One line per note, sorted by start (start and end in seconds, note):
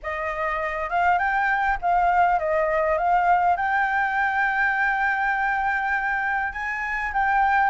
0.02 0.89 D#5
0.89 1.18 F5
1.18 1.77 G5
1.81 2.39 F5
2.39 2.98 D#5
2.98 3.56 F5
3.56 6.52 G5
6.52 7.12 G#5
7.13 7.70 G5